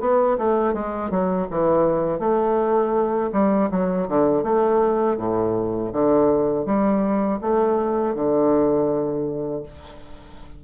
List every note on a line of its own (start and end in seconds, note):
0.00 0.37 B3
0.38 0.74 A3
0.74 1.10 G#3
1.10 1.47 F#3
1.50 2.19 E3
2.19 3.30 A3
3.32 3.69 G3
3.71 4.08 F#3
4.08 4.43 D3
4.43 5.17 A3
5.17 5.91 A2
5.92 6.65 D3
6.65 7.39 G3
7.41 8.14 A3
8.14 9.63 D3